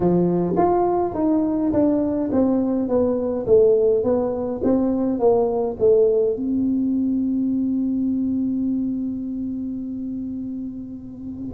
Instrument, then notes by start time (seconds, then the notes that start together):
tuba
0.00 F3
0.56 F4
1.14 D#4
1.73 D4
2.32 C4
2.88 B3
3.46 A3
4.03 B3
4.63 C4
5.19 A#3
5.79 A3
6.36 C4